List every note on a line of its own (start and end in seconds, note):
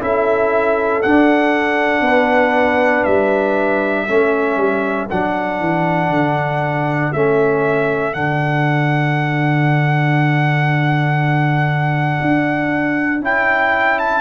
0.00 1.02 C#4
0.00 1.02 E4
0.00 2.04 A4
0.00 1.02 E5
1.02 4.07 D4
1.02 2.01 D4
1.02 3.04 F#5
2.01 3.02 B3
2.01 4.05 B4
3.04 4.08 G3
3.04 5.07 E5
4.05 4.56 A3
4.05 5.09 C#4
4.05 14.21 A4
4.56 5.07 G3
5.10 5.60 F#3
5.10 7.14 D4
5.10 7.12 F#5
5.60 6.09 E3
6.09 7.11 D3
7.12 8.13 A3
7.12 8.12 C#4
7.12 8.13 E5
8.12 12.20 D3
8.12 13.21 D4
8.12 13.22 F#5
12.21 13.21 D4
13.21 14.21 C#4
13.21 14.21 E4
13.21 13.99 G5
13.99 14.21 A5